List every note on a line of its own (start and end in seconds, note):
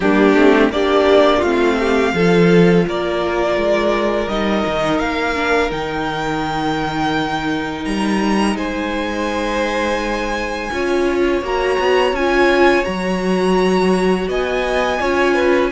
0.00 0.33 G3
0.00 0.35 A#3
0.00 0.72 D4
0.00 0.71 G4
0.33 0.69 A3
0.33 0.71 C4
0.69 1.41 A#3
0.69 1.44 D4
0.69 1.39 G4
0.69 1.42 D5
1.39 2.12 A3
1.39 2.15 C4
1.39 1.74 F4
1.39 2.85 F5
1.79 2.14 G4
2.13 2.85 F3
2.13 4.29 F4
2.13 2.86 A4
2.87 3.56 A#3
2.87 8.56 A#4
2.87 4.28 D5
3.56 4.27 G#3
4.28 4.63 G3
4.28 5.35 D#4
4.28 4.99 D#5
4.66 5.00 D#3
4.99 5.71 A#3
4.99 5.70 F5
5.35 5.69 D4
5.69 7.85 D#3
5.69 10.69 D#4
5.69 7.84 G5
7.84 8.55 G3
7.84 8.56 A#5
8.55 10.69 G#3
8.55 10.70 C5
8.55 11.43 G#5
10.72 11.42 C#4
10.72 11.43 F4
10.72 14.28 C#5
11.42 11.77 A#3
11.42 12.15 F#4
11.42 12.15 A#5
11.79 12.12 B3
12.12 12.83 C#4
12.12 12.84 F4
12.12 12.84 G#5
12.84 14.28 F#3
12.84 14.98 F#4
12.84 14.27 A#5
14.28 14.99 B3
14.28 15.00 D#5
14.28 15.71 G#5
15.00 15.71 C#4
15.00 15.71 F4
15.00 15.34 C#5
15.34 15.70 B4